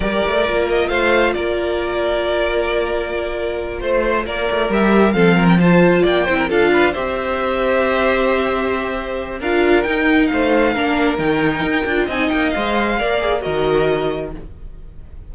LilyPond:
<<
  \new Staff \with { instrumentName = "violin" } { \time 4/4 \tempo 4 = 134 d''4. dis''8 f''4 d''4~ | d''1~ | d''8 c''4 d''4 e''4 f''8~ | f''16 g''16 a''4 g''4 f''4 e''8~ |
e''1~ | e''4 f''4 g''4 f''4~ | f''4 g''2 gis''8 g''8 | f''2 dis''2 | }
  \new Staff \with { instrumentName = "violin" } { \time 4/4 ais'2 c''4 ais'4~ | ais'1~ | ais'8 c''4 ais'2 a'8 | ais'8 c''4 d''8 c''16 ais'16 a'8 b'8 c''8~ |
c''1~ | c''4 ais'2 c''4 | ais'2. dis''4~ | dis''4 d''4 ais'2 | }
  \new Staff \with { instrumentName = "viola" } { \time 4/4 g'4 f'2.~ | f'1~ | f'2~ f'8 g'4 c'8~ | c'8 f'4. e'8 f'4 g'8~ |
g'1~ | g'4 f'4 dis'2 | d'4 dis'4. f'8 dis'4 | c''4 ais'8 gis'8 fis'2 | }
  \new Staff \with { instrumentName = "cello" } { \time 4/4 g8 a8 ais4 a4 ais4~ | ais1~ | ais8 a4 ais8 a8 g4 f8~ | f4. ais8 c'8 d'4 c'8~ |
c'1~ | c'4 d'4 dis'4 a4 | ais4 dis4 dis'8 d'8 c'8 ais8 | gis4 ais4 dis2 | }
>>